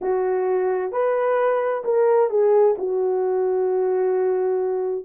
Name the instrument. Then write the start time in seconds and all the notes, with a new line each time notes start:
horn
0.01 F#4
0.91 B4
1.84 A#4
2.30 G#4
2.78 F#4